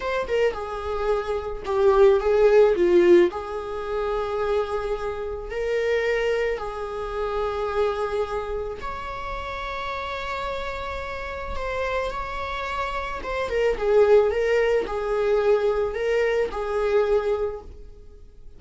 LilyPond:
\new Staff \with { instrumentName = "viola" } { \time 4/4 \tempo 4 = 109 c''8 ais'8 gis'2 g'4 | gis'4 f'4 gis'2~ | gis'2 ais'2 | gis'1 |
cis''1~ | cis''4 c''4 cis''2 | c''8 ais'8 gis'4 ais'4 gis'4~ | gis'4 ais'4 gis'2 | }